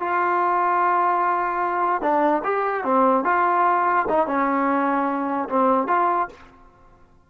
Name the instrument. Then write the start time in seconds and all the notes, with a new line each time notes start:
trombone
0.00 F4
2.02 D4
2.44 G4
2.84 C4
3.25 F4
4.09 D#4
4.27 C#4
5.49 C4
5.88 F4